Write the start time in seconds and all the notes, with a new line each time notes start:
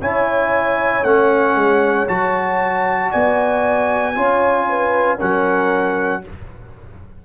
0.00 C#4 E4 C#5 G#5
1.03 A3 C#4 F#5
1.55 G#3
2.08 F#3 F#4 A5
3.11 B3 D5 G#5
4.15 C#4 F4 C#5
4.69 B4
5.18 F#3 C#4 A#4 F#5